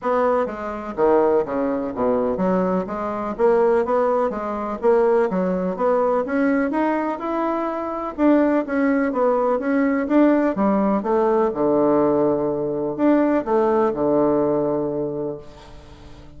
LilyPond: \new Staff \with { instrumentName = "bassoon" } { \time 4/4 \tempo 4 = 125 b4 gis4 dis4 cis4 | b,4 fis4 gis4 ais4 | b4 gis4 ais4 fis4 | b4 cis'4 dis'4 e'4~ |
e'4 d'4 cis'4 b4 | cis'4 d'4 g4 a4 | d2. d'4 | a4 d2. | }